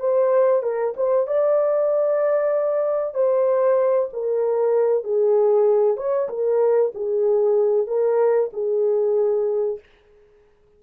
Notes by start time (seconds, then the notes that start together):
0.00 C5
0.63 A#4
0.97 C5
1.27 D5
3.15 C5
4.13 A#4
5.04 G#4
5.97 C#5
6.29 A#4
6.95 G#4
7.87 A#4
8.53 G#4